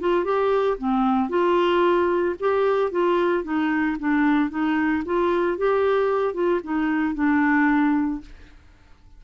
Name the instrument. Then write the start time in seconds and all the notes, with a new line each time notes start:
clarinet
0.00 F4
0.25 G4
0.78 C4
1.29 F4
2.40 G4
2.91 F4
3.44 D#4
3.99 D4
4.50 D#4
5.05 F4
5.58 G4
6.34 F4
6.64 D#4
7.14 D4